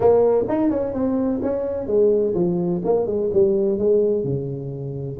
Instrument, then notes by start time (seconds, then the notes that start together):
tuba
0.00 A#3
0.48 D#4
0.70 C#4
0.93 C4
1.42 C#4
1.86 G#3
2.34 F3
2.84 A#3
3.06 G#3
3.33 G3
3.78 G#3
4.24 C#3